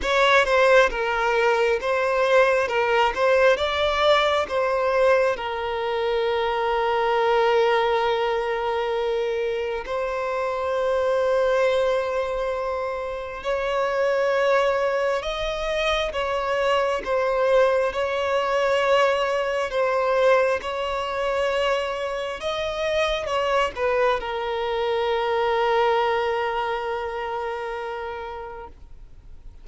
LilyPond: \new Staff \with { instrumentName = "violin" } { \time 4/4 \tempo 4 = 67 cis''8 c''8 ais'4 c''4 ais'8 c''8 | d''4 c''4 ais'2~ | ais'2. c''4~ | c''2. cis''4~ |
cis''4 dis''4 cis''4 c''4 | cis''2 c''4 cis''4~ | cis''4 dis''4 cis''8 b'8 ais'4~ | ais'1 | }